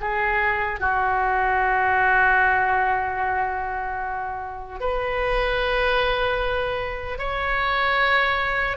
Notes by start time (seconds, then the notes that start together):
0.00 G#4
0.80 F#4
4.80 B4
7.18 C#5